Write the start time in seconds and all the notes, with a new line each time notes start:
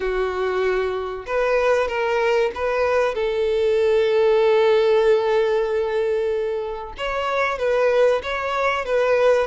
0.00 F#4
1.26 B4
1.88 A#4
2.54 B4
3.14 A4
6.97 C#5
7.58 B4
8.22 C#5
8.85 B4